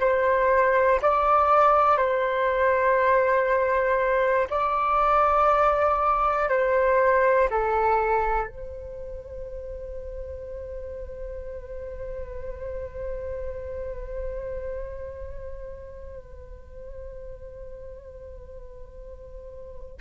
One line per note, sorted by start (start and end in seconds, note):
0.00 1.00 C5
1.01 1.97 D5
1.97 4.47 C5
4.50 6.49 D5
6.49 7.49 C5
7.50 8.47 A4
8.47 19.97 C5